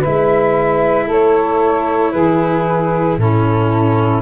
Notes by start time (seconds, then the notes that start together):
0.00 G#3 E4 B4 E5
1.07 A3 A4 C#5
2.12 E3 G#4 B4
3.18 A2 C#4 E4 A4